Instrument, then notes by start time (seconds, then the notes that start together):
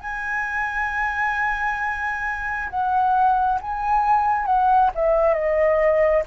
flute
0.00 G#5
2.69 F#5
3.61 G#5
4.45 F#5
4.95 E5
5.34 D#5